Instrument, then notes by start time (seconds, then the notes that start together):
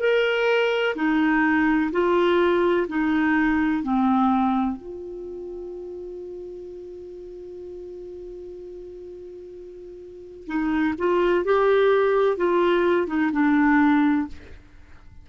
clarinet
0.00 A#4
0.96 D#4
1.92 F4
2.89 D#4
3.84 C4
4.77 F4
10.47 D#4
10.99 F4
11.45 G4
12.37 F4
13.08 D#4
13.32 D4